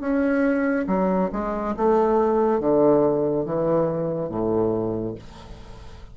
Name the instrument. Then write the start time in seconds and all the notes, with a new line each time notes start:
bassoon
0.00 C#4
0.87 F#3
1.32 G#3
1.76 A3
2.59 D3
3.45 E3
4.29 A2